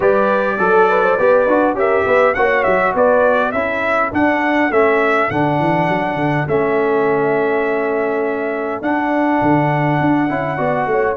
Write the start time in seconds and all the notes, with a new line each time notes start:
0.00 G3 G4 B4 D5
0.58 F#3 A4
0.89 B4
1.02 C5
1.17 B3 G4 B4
1.46 D4 F#4
1.73 C#4 G4 A#4 E5
2.05 B3 B4
2.34 A#3 F#4 C#5 F#5
2.63 F#3 E5
2.94 B3 B4 D5
3.51 C#4 E4 A4 E5
4.12 D4 F#5
4.69 A3 C#4 E5
5.30 D3 D4 F#5
5.59 E3
5.88 F#3
6.15 D3
6.47 A3 C#4 E5
8.81 D4 F#5
9.41 D3
10.00 D4
10.28 C#4 E4
10.57 B3 F#4 D5
10.86 A3 C#5